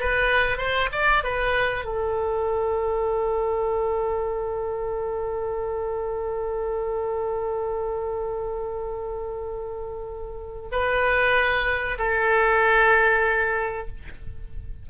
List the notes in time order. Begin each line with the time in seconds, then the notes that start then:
0.00 B4
0.57 C5
0.92 D5
1.24 B4
1.85 A4
10.72 B4
11.98 A4